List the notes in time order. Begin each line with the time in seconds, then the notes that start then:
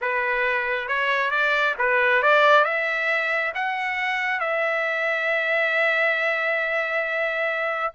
0.01 B4
0.87 C#5
1.30 D5
1.78 B4
2.22 D5
2.64 E5
3.54 F#5
4.40 E5